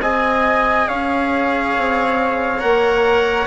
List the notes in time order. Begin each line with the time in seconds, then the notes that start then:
0.00 C4 G#4 D#5 G#5
0.88 C#4 C#5 F5
1.78 C4
2.59 A#3 A#4 F#5